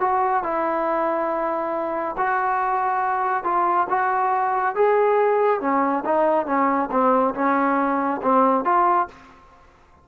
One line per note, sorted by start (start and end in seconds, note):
0.00 0.43 F#4
0.43 2.16 E4
2.17 3.44 F#4
3.44 3.87 F4
3.89 4.75 F#4
4.75 5.60 G#4
5.60 6.04 C#4
6.05 6.46 D#4
6.46 6.89 C#4
6.91 7.34 C4
7.34 8.21 C#4
8.22 8.64 C4
8.64 9.08 F4